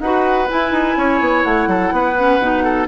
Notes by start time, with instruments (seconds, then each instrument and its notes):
0.00 bassoon D#4, clarinet F#4, oboe B4, flute F#5
0.48 clarinet E4, bassoon E4, flute G#5
0.71 bassoon D#4
0.97 bassoon C#4, oboe C#5
1.20 bassoon B3
1.43 bassoon A3, flute F#5
1.67 bassoon F#3, oboe A4
1.92 bassoon B3, oboe B4
2.18 clarinet C#4
2.39 bassoon B2, clarinet D#4
2.64 oboe A4